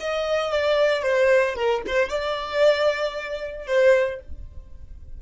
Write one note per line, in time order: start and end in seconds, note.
0.00 0.51 D#5
0.51 1.03 D5
1.03 1.56 C5
1.56 1.82 A#4
1.87 2.10 C5
2.10 3.67 D5
3.67 4.20 C5